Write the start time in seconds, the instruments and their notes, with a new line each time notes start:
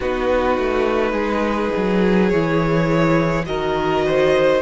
0.00 cello B3, viola D#4, violin F#4 B4
0.57 cello A3
1.12 cello G#3, violin G#4
1.76 cello F#3
2.29 cello E3, viola E4, violin C#5
3.46 cello D#3, viola F#4, violin A#4 D#5
4.05 violin C5